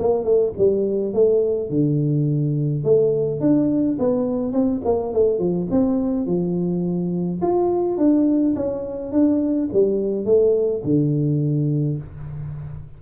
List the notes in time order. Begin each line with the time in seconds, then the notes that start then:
0.00 A#3
0.25 A3
0.58 G3
1.14 A3
1.70 D3
2.84 A3
3.41 D4
3.99 B3
4.53 C4
4.85 A#3
5.13 A3
5.39 F3
5.71 C4
6.27 F3
7.42 F4
7.98 D4
8.56 C#4
9.12 D4
9.73 G3
10.25 A3
10.84 D3